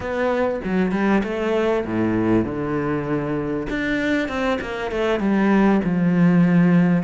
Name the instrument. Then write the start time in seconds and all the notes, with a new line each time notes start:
cello
0.00 B3
0.64 F#3
0.91 G3
1.23 A3
1.85 A2
2.44 D3
3.69 D4
4.28 C4
4.61 A#3
4.91 A3
5.19 G3
5.84 F3